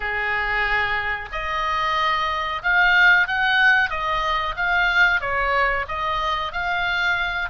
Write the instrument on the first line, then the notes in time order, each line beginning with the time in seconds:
oboe
0.00 G#4
1.32 D#5
2.62 F5
3.27 F#5
3.90 D#5
4.56 F5
5.20 C#5
5.88 D#5
6.52 F5